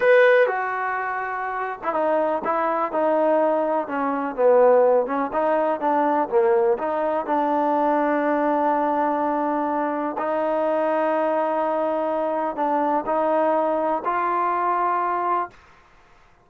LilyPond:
\new Staff \with { instrumentName = "trombone" } { \time 4/4 \tempo 4 = 124 b'4 fis'2~ fis'8. e'16 | dis'4 e'4 dis'2 | cis'4 b4. cis'8 dis'4 | d'4 ais4 dis'4 d'4~ |
d'1~ | d'4 dis'2.~ | dis'2 d'4 dis'4~ | dis'4 f'2. | }